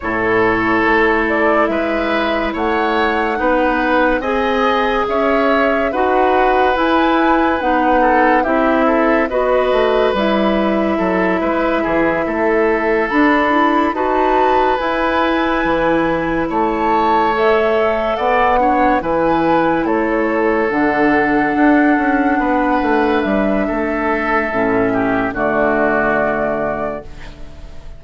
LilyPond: <<
  \new Staff \with { instrumentName = "flute" } { \time 4/4 \tempo 4 = 71 cis''4. d''8 e''4 fis''4~ | fis''4 gis''4 e''4 fis''4 | gis''4 fis''4 e''4 dis''4 | e''2.~ e''8 b''8~ |
b''8 a''4 gis''2 a''8~ | a''8 e''4 fis''4 gis''4 cis''8~ | cis''8 fis''2. e''8~ | e''2 d''2 | }
  \new Staff \with { instrumentName = "oboe" } { \time 4/4 a'2 b'4 cis''4 | b'4 dis''4 cis''4 b'4~ | b'4. a'8 g'8 a'8 b'4~ | b'4 a'8 b'8 gis'8 a'4.~ |
a'8 b'2. cis''8~ | cis''4. d''8 cis''8 b'4 a'8~ | a'2~ a'8 b'4. | a'4. g'8 fis'2 | }
  \new Staff \with { instrumentName = "clarinet" } { \time 4/4 e'1 | dis'4 gis'2 fis'4 | e'4 dis'4 e'4 fis'4 | e'2.~ e'8 d'8 |
e'8 fis'4 e'2~ e'8~ | e'8 a'4. d'8 e'4.~ | e'8 d'2.~ d'8~ | d'4 cis'4 a2 | }
  \new Staff \with { instrumentName = "bassoon" } { \time 4/4 a,4 a4 gis4 a4 | b4 c'4 cis'4 dis'4 | e'4 b4 c'4 b8 a8 | g4 fis8 gis8 e8 a4 d'8~ |
d'8 dis'4 e'4 e4 a8~ | a4. b4 e4 a8~ | a8 d4 d'8 cis'8 b8 a8 g8 | a4 a,4 d2 | }
>>